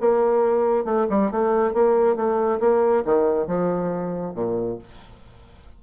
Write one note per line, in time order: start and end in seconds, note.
0.00 0.84 A#3
0.84 1.06 A3
1.09 1.31 G3
1.31 1.73 A3
1.73 2.16 A#3
2.16 2.59 A3
2.60 3.04 A#3
3.05 3.47 D#3
3.47 4.34 F3
4.34 4.78 A#2